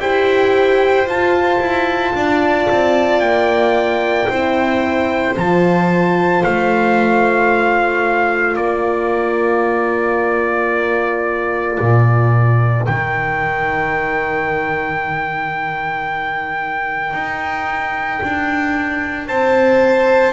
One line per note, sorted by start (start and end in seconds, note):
0.00 1.06 E4
0.00 1.06 G4
0.00 2.16 C5
0.00 1.08 G5
1.06 1.59 F4
1.06 4.28 F4
1.06 3.20 A5
1.60 2.13 E4
2.14 2.68 D4
2.14 4.30 D5
2.70 3.21 C4
3.20 4.29 A#3
3.20 5.34 G5
4.29 5.36 C4
4.29 5.37 E4
4.29 8.57 C5
5.37 6.44 F3
5.37 12.87 F4
5.37 6.44 A5
6.44 8.57 A3
6.44 8.56 F5
8.56 11.78 A#3
8.56 19.28 A#4
8.56 12.85 D5
11.80 12.87 A#2
12.86 17.13 D#3
12.86 20.33 D#4
12.86 19.28 G5
17.13 18.20 D#4
18.24 19.29 D4
19.28 20.33 C4
19.28 20.33 C5
19.28 20.33 A5